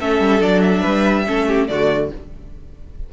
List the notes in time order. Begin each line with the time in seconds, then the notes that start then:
0.00 A3 C#4 A4 E5
0.20 G3
0.40 F#3 D4 D5
0.62 E5
0.81 G3 B4
1.27 A3 C#4 A4
1.48 G4
1.68 D3 A3 F#4 D5